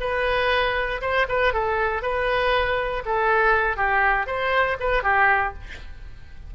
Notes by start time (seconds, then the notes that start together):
0.00 B4
1.01 C5
1.29 B4
1.53 A4
2.02 B4
3.05 A4
3.76 G4
4.26 C5
4.80 B4
5.03 G4